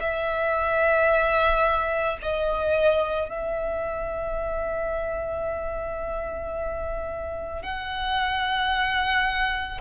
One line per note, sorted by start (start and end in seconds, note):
0.00 2.18 E5
2.22 3.29 D#5
3.29 7.62 E5
7.62 9.80 F#5